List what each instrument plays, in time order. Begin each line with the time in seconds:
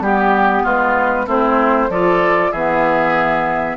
0.00 bassoon G3, clarinet B3, flute G4, oboe G4
0.63 bassoon G#3, oboe F4, flute B4
1.26 bassoon A3, clarinet C4, oboe E4, flute C5
1.89 bassoon F3, clarinet F4, oboe A4, flute D5
2.52 bassoon E3, clarinet B3, oboe G#4, flute E5